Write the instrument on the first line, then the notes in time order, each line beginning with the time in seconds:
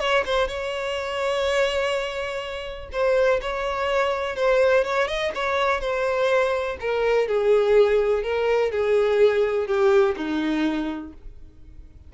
violin
0.00 C#5
0.26 C5
0.48 C#5
2.92 C5
3.41 C#5
4.36 C5
4.84 C#5
5.08 D#5
5.35 C#5
5.81 C5
6.80 A#4
7.28 G#4
8.23 A#4
8.71 G#4
9.67 G4
10.17 D#4